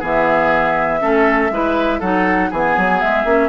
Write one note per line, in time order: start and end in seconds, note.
0.00 1.02 E3
0.00 1.00 B3
0.00 1.00 G#4
0.00 2.01 E5
1.00 1.51 A3
1.00 1.50 C#4
1.00 1.52 A4
1.51 2.01 G#3
1.51 2.02 E4
1.51 1.99 B4
1.99 2.51 F#3
1.99 2.52 D#4
1.99 2.49 A4
1.99 2.51 F#5
2.50 2.77 E3
2.50 3.26 B3
2.50 3.49 G#4
2.50 3.01 G#5
2.77 3.02 F#3
3.01 3.25 G#3
3.01 3.49 E5
3.25 3.49 A#3
3.25 3.49 C#4